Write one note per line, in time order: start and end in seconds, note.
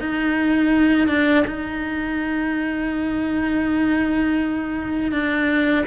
0.00 1.08 D#4
1.08 1.44 D4
1.47 5.12 D#4
5.12 5.85 D4